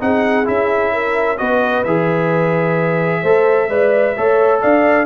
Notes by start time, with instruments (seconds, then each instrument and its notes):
0.00 tuba C4, trombone D#4, horn G#4, trumpet F#5
0.45 tuba C#4, trombone E4, trumpet E5
0.93 horn A#4
1.37 tuba B3, trombone F#4, horn B4, trumpet D#5
1.84 tuba E3, trombone G#4, trumpet E5
3.22 tuba A3, trombone A4, horn C5
3.69 tuba G#3, trombone B4, horn D5
4.17 tuba A3, trombone A4, horn C#5
4.61 tuba D4, horn D5, trumpet F5